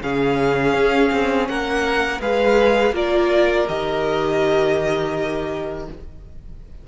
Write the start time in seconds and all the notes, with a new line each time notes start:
0.00 C#3 C#4 G#4 F5
0.73 C#4
1.12 C4
1.48 A#3 A#4 F#5
2.20 G#3 G#4 B4 F5
2.91 A#3 F4 A#4 D5
3.68 D#3 G4 D#5